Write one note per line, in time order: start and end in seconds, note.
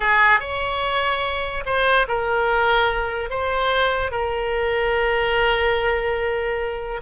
0.00 0.39 G#4
0.39 1.64 C#5
1.65 2.07 C5
2.08 3.30 A#4
3.30 4.11 C5
4.11 7.00 A#4